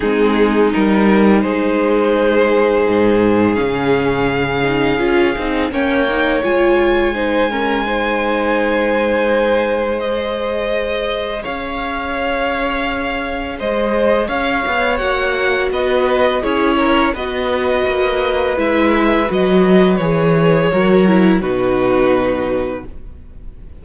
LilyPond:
<<
  \new Staff \with { instrumentName = "violin" } { \time 4/4 \tempo 4 = 84 gis'4 ais'4 c''2~ | c''4 f''2. | g''4 gis''2.~ | gis''2 dis''2 |
f''2. dis''4 | f''4 fis''4 dis''4 cis''4 | dis''2 e''4 dis''4 | cis''2 b'2 | }
  \new Staff \with { instrumentName = "violin" } { \time 4/4 dis'2 gis'2~ | gis'1 | cis''2 c''8 ais'8 c''4~ | c''1 |
cis''2. c''4 | cis''2 b'4 gis'8 ais'8 | b'1~ | b'4 ais'4 fis'2 | }
  \new Staff \with { instrumentName = "viola" } { \time 4/4 c'4 dis'2.~ | dis'4 cis'4. dis'8 f'8 dis'8 | cis'8 dis'8 f'4 dis'8 cis'8 dis'4~ | dis'2 gis'2~ |
gis'1~ | gis'4 fis'2 e'4 | fis'2 e'4 fis'4 | gis'4 fis'8 e'8 dis'2 | }
  \new Staff \with { instrumentName = "cello" } { \time 4/4 gis4 g4 gis2 | gis,4 cis2 cis'8 c'8 | ais4 gis2.~ | gis1 |
cis'2. gis4 | cis'8 b8 ais4 b4 cis'4 | b4 ais4 gis4 fis4 | e4 fis4 b,2 | }
>>